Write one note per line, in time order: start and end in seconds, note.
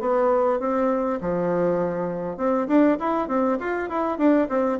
0.00 0.60 B3
0.60 1.20 C4
1.21 2.37 F3
2.37 2.67 C4
2.68 2.98 D4
2.99 3.28 E4
3.28 3.58 C4
3.60 3.89 F4
3.89 4.18 E4
4.18 4.48 D4
4.49 4.79 C4